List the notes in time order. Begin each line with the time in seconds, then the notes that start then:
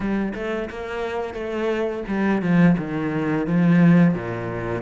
0.00 G3
0.34 A3
0.70 A#3
1.34 A3
2.07 G3
2.42 F3
2.77 D#3
3.46 F3
4.13 A#2